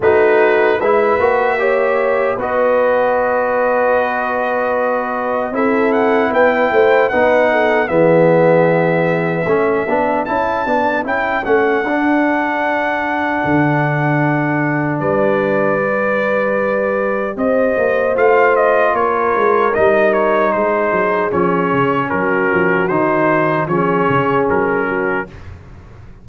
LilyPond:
<<
  \new Staff \with { instrumentName = "trumpet" } { \time 4/4 \tempo 4 = 76 b'4 e''2 dis''4~ | dis''2. e''8 fis''8 | g''4 fis''4 e''2~ | e''4 a''4 g''8 fis''4.~ |
fis''2. d''4~ | d''2 dis''4 f''8 dis''8 | cis''4 dis''8 cis''8 c''4 cis''4 | ais'4 c''4 cis''4 ais'4 | }
  \new Staff \with { instrumentName = "horn" } { \time 4/4 fis'4 b'4 cis''4 b'4~ | b'2. a'4 | b'8 c''8 b'8 a'8 gis'2 | a'1~ |
a'2. b'4~ | b'2 c''2 | ais'2 gis'2 | fis'2 gis'4. fis'8 | }
  \new Staff \with { instrumentName = "trombone" } { \time 4/4 dis'4 e'8 fis'8 g'4 fis'4~ | fis'2. e'4~ | e'4 dis'4 b2 | cis'8 d'8 e'8 d'8 e'8 cis'8 d'4~ |
d'1 | g'2. f'4~ | f'4 dis'2 cis'4~ | cis'4 dis'4 cis'2 | }
  \new Staff \with { instrumentName = "tuba" } { \time 4/4 a4 gis8 ais4. b4~ | b2. c'4 | b8 a8 b4 e2 | a8 b8 cis'8 b8 cis'8 a8 d'4~ |
d'4 d2 g4~ | g2 c'8 ais8 a4 | ais8 gis8 g4 gis8 fis8 f8 cis8 | fis8 f8 dis4 f8 cis8 fis4 | }
>>